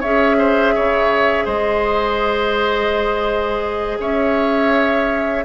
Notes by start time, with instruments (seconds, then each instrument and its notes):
0.00 bassoon C#4, clarinet G#4, oboe C#5, flute E5
0.38 oboe C5
0.74 bassoon C#3, oboe C#5
1.45 bassoon G#3, oboe C5, flute D#5
4.00 bassoon C#4, oboe C#5, flute E5